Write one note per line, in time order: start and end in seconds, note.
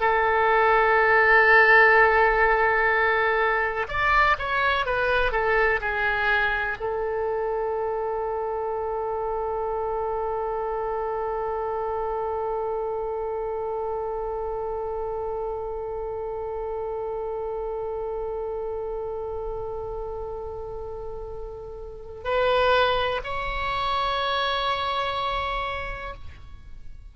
0.00 3.87 A4
3.88 4.36 D5
4.39 4.85 C#5
4.85 5.31 B4
5.31 5.80 A4
5.80 6.77 G#4
6.80 22.24 A4
22.24 23.21 B4
23.23 26.14 C#5